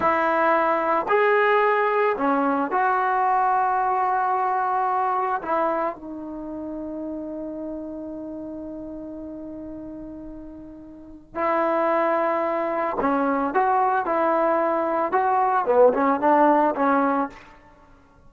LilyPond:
\new Staff \with { instrumentName = "trombone" } { \time 4/4 \tempo 4 = 111 e'2 gis'2 | cis'4 fis'2.~ | fis'2 e'4 dis'4~ | dis'1~ |
dis'1~ | dis'4 e'2. | cis'4 fis'4 e'2 | fis'4 b8 cis'8 d'4 cis'4 | }